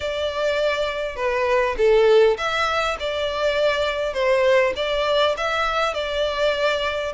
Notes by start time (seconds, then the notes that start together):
0.00 D5
1.16 B4
1.77 A4
2.37 E5
2.99 D5
4.13 C5
4.76 D5
5.37 E5
5.94 D5